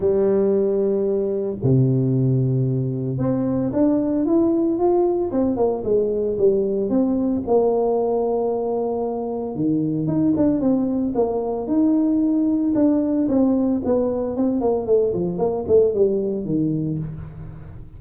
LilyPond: \new Staff \with { instrumentName = "tuba" } { \time 4/4 \tempo 4 = 113 g2. c4~ | c2 c'4 d'4 | e'4 f'4 c'8 ais8 gis4 | g4 c'4 ais2~ |
ais2 dis4 dis'8 d'8 | c'4 ais4 dis'2 | d'4 c'4 b4 c'8 ais8 | a8 f8 ais8 a8 g4 dis4 | }